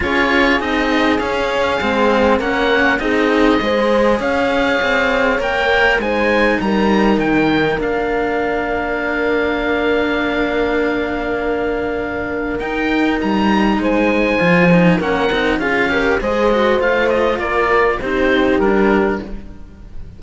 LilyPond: <<
  \new Staff \with { instrumentName = "oboe" } { \time 4/4 \tempo 4 = 100 cis''4 dis''4 f''2 | fis''4 dis''2 f''4~ | f''4 g''4 gis''4 ais''4 | g''4 f''2.~ |
f''1~ | f''4 g''4 ais''4 gis''4~ | gis''4 fis''4 f''4 dis''4 | f''8 dis''8 d''4 c''4 ais'4 | }
  \new Staff \with { instrumentName = "horn" } { \time 4/4 gis'1 | ais'4 gis'4 c''4 cis''4~ | cis''2 c''4 ais'4~ | ais'1~ |
ais'1~ | ais'2. c''4~ | c''4 ais'4 gis'8 ais'8 c''4~ | c''4 ais'4 g'2 | }
  \new Staff \with { instrumentName = "cello" } { \time 4/4 f'4 dis'4 cis'4 c'4 | cis'4 dis'4 gis'2~ | gis'4 ais'4 dis'2~ | dis'4 d'2.~ |
d'1~ | d'4 dis'2. | f'8 dis'8 cis'8 dis'8 f'8 g'8 gis'8 fis'8 | f'2 dis'4 d'4 | }
  \new Staff \with { instrumentName = "cello" } { \time 4/4 cis'4 c'4 cis'4 gis4 | ais4 c'4 gis4 cis'4 | c'4 ais4 gis4 g4 | dis4 ais2.~ |
ais1~ | ais4 dis'4 g4 gis4 | f4 ais8 c'8 cis'4 gis4 | a4 ais4 c'4 g4 | }
>>